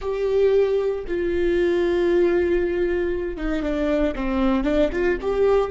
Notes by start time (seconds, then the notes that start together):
0.01 G4
1.07 F4
3.37 D#4
3.62 D4
4.15 C4
4.63 D4
4.92 F4
5.21 G4